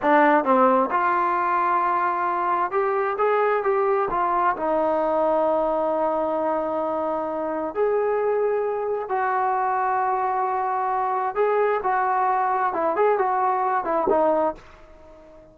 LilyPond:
\new Staff \with { instrumentName = "trombone" } { \time 4/4 \tempo 4 = 132 d'4 c'4 f'2~ | f'2 g'4 gis'4 | g'4 f'4 dis'2~ | dis'1~ |
dis'4 gis'2. | fis'1~ | fis'4 gis'4 fis'2 | e'8 gis'8 fis'4. e'8 dis'4 | }